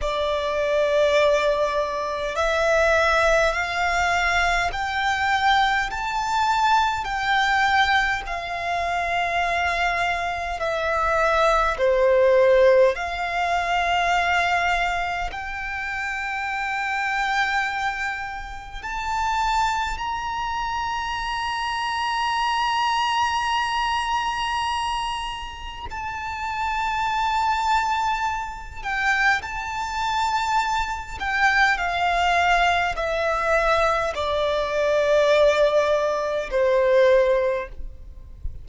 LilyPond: \new Staff \with { instrumentName = "violin" } { \time 4/4 \tempo 4 = 51 d''2 e''4 f''4 | g''4 a''4 g''4 f''4~ | f''4 e''4 c''4 f''4~ | f''4 g''2. |
a''4 ais''2.~ | ais''2 a''2~ | a''8 g''8 a''4. g''8 f''4 | e''4 d''2 c''4 | }